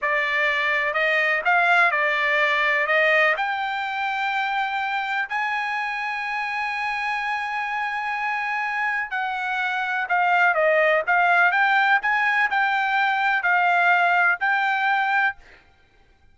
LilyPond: \new Staff \with { instrumentName = "trumpet" } { \time 4/4 \tempo 4 = 125 d''2 dis''4 f''4 | d''2 dis''4 g''4~ | g''2. gis''4~ | gis''1~ |
gis''2. fis''4~ | fis''4 f''4 dis''4 f''4 | g''4 gis''4 g''2 | f''2 g''2 | }